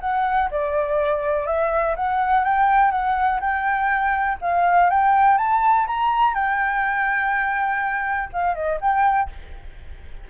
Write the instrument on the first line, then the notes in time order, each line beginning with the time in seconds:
flute
0.00 F#5
0.50 D5
1.46 E5
1.96 F#5
2.44 G5
2.91 F#5
3.40 G5
4.41 F5
4.90 G5
5.37 A5
5.87 A#5
6.34 G5
8.33 F5
8.55 D#5
8.80 G5